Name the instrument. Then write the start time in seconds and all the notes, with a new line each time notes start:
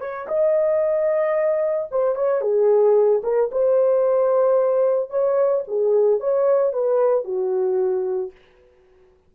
horn
0.00 C#5
0.28 D#5
1.91 C5
2.15 C#5
2.41 G#4
3.23 A#4
3.51 C5
5.10 C#5
5.67 G#4
6.20 C#5
6.72 B4
7.24 F#4